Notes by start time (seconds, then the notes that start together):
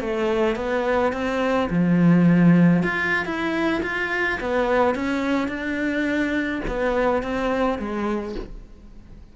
0.00 A3
0.56 B3
1.12 C4
1.69 F3
2.83 F4
3.25 E4
3.82 F4
4.40 B3
4.95 C#4
5.48 D4
6.67 B3
7.22 C4
7.78 G#3